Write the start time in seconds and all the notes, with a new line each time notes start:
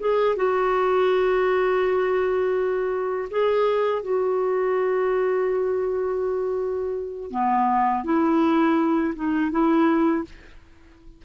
0.00 G#4
0.37 F#4
3.31 G#4
4.03 F#4
7.31 B3
8.05 E4
9.16 D#4
9.52 E4